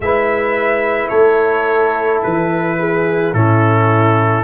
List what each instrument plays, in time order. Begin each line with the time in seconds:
0.00 tuba G#3, trombone E4, horn B4, trumpet E5
1.08 tuba A3, horn A4, trumpet C#5
2.22 tuba E3, trumpet B4
2.79 horn G#4
3.33 tuba A2, trombone C#4, horn E4, trumpet A4